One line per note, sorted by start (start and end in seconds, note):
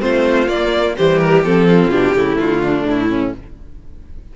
0.00 0.48 A3
0.00 0.47 C4
0.00 0.96 F4
0.00 0.48 C5
0.47 0.94 A#3
0.47 0.95 A#3
0.47 0.95 D5
0.97 1.45 E3
0.97 1.45 G3
0.97 1.67 G4
0.97 1.19 C5
1.19 1.42 A#4
1.45 1.87 F3
1.45 1.91 C4
1.45 1.91 A4
1.67 2.15 F4
1.87 2.10 B2
1.87 2.15 D4
1.87 2.38 G4
2.13 2.37 C#3
2.13 3.33 A3
2.13 2.63 E4
2.39 2.85 D3
2.39 2.86 F4
2.63 3.10 D4
2.85 3.32 A2
2.85 3.36 E4
3.10 3.33 C#4